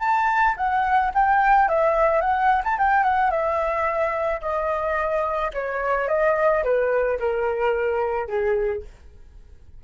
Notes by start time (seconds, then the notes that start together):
0.00 A5
0.57 F#5
1.14 G5
1.69 E5
2.21 F#5
2.64 A5
2.78 G5
3.04 F#5
3.31 E5
4.41 D#5
5.53 C#5
6.09 D#5
6.64 B4
7.19 A#4
8.27 G#4